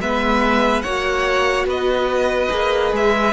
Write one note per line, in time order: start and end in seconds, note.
0.00 0.83 G#3
0.00 0.84 B3
0.00 0.84 B4
0.00 0.82 E5
0.82 1.65 A#3
0.82 2.50 F#4
0.82 1.67 C#5
0.82 1.65 F#5
1.65 2.48 B3
1.65 3.32 B4
1.65 2.95 D#5
2.50 2.92 A#3
2.50 3.32 G#4
2.92 3.32 G#3
2.92 3.32 E5